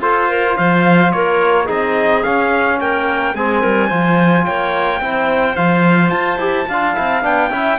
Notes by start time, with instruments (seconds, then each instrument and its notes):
0.00 cello F4, trombone F4, clarinet A4, trumpet C5
0.28 clarinet A#4
0.57 cello F3, clarinet C5, trumpet F5
1.11 cello A#3, clarinet A#4, trumpet C#5
1.64 cello C4, trombone D#4, clarinet G#4, trumpet D#5
2.23 trombone C#4, cello C#4, trumpet F5
2.80 cello A#3, clarinet A#4, trumpet G5
3.34 cello G#3, trombone C4, clarinet G#4, trumpet G#5
3.61 cello G3, clarinet A#4
3.87 cello F3, trombone F4, clarinet C5
4.45 cello A#3, clarinet C#5, trumpet G5
5.01 cello C4, trombone E4, clarinet C5
5.55 cello F3, trombone F4, trumpet F5
6.09 cello F4, trumpet A5
6.38 cello E4, trombone G4
6.68 cello D4, trombone F4, clarinet F5
6.94 cello C4, trombone E4
7.22 cello B3, trombone D4, trumpet G5
7.50 cello C#4, trombone E4, clarinet E5